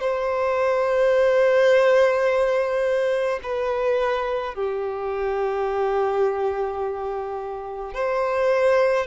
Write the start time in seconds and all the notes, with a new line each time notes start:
0.00 C5
3.43 B4
4.54 G4
7.94 C5